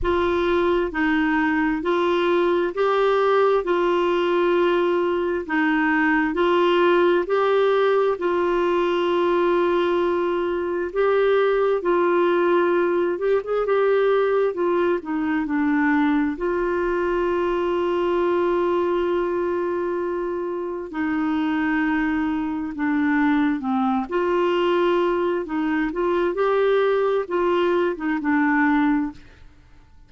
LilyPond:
\new Staff \with { instrumentName = "clarinet" } { \time 4/4 \tempo 4 = 66 f'4 dis'4 f'4 g'4 | f'2 dis'4 f'4 | g'4 f'2. | g'4 f'4. g'16 gis'16 g'4 |
f'8 dis'8 d'4 f'2~ | f'2. dis'4~ | dis'4 d'4 c'8 f'4. | dis'8 f'8 g'4 f'8. dis'16 d'4 | }